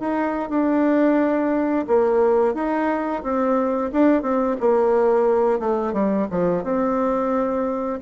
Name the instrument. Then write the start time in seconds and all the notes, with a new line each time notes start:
bassoon
0.00 D#4
0.50 D4
1.88 A#3
2.55 D#4
3.23 C4
3.92 D4
4.22 C4
4.61 A#3
5.60 A3
5.93 G3
6.31 F3
6.64 C4